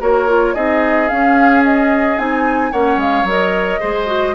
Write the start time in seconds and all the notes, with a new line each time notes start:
0.00 A#3 F#4 A#4 C#5
0.28 F4
0.54 C4 D#4 G#4 D#5
1.08 C#4 F5
1.64 D#5
2.17 C4 D#4 G#5
2.72 A#3 C#4 C#5 F#5
2.97 G#3 F5
3.24 F#3 A#4 D#5
3.80 G#3 G#4 C5
4.07 F#4